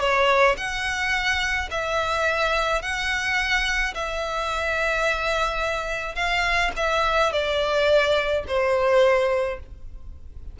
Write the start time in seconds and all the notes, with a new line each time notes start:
0.00 C#5
0.57 F#5
1.71 E5
2.82 F#5
3.95 E5
6.15 F5
6.76 E5
7.32 D5
8.47 C5